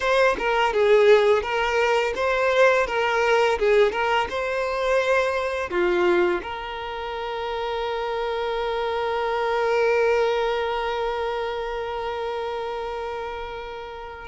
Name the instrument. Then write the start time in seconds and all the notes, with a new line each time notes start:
violin
0.00 C5
0.38 A#4
0.73 G#4
1.42 A#4
2.15 C5
2.86 A#4
3.58 G#4
3.92 A#4
4.29 C5
5.69 F4
6.42 A#4